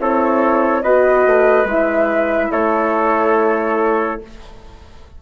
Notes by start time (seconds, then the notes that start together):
0.00 C4 E4 A4 C#5
0.83 B3 F#4 B4 D#5
1.26 A3
1.65 G#3 E4 E5
2.52 A3 A4 C#5